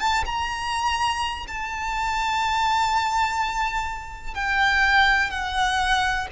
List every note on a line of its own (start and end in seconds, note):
0.00 0.24 A5
0.26 1.46 A#5
1.48 4.35 A5
4.35 5.30 G5
5.30 6.27 F#5